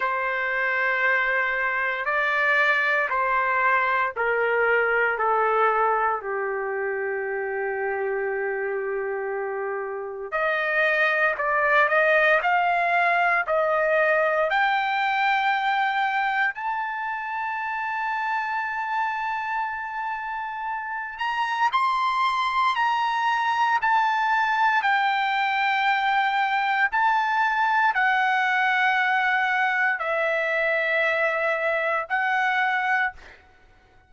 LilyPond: \new Staff \with { instrumentName = "trumpet" } { \time 4/4 \tempo 4 = 58 c''2 d''4 c''4 | ais'4 a'4 g'2~ | g'2 dis''4 d''8 dis''8 | f''4 dis''4 g''2 |
a''1~ | a''8 ais''8 c'''4 ais''4 a''4 | g''2 a''4 fis''4~ | fis''4 e''2 fis''4 | }